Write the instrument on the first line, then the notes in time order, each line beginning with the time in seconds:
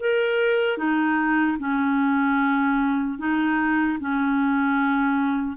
clarinet
0.00 A#4
0.77 D#4
1.59 C#4
3.19 D#4
4.00 C#4